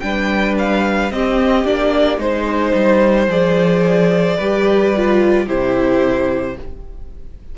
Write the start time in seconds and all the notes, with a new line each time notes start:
0.00 G3 D4 B4 G5
0.59 F5
1.11 C4 G4 D#5
1.65 A#3 D4 D5
2.17 G#3 D#4 C5
2.75 G3
3.27 F3 G#4 D5
4.37 G3 G4 B4
4.96 F4
5.47 C3 E4 G4 C5